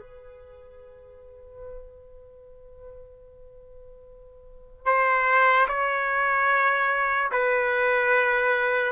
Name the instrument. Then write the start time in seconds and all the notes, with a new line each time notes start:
trumpet
0.00 B4
4.86 C5
5.68 C#5
7.32 B4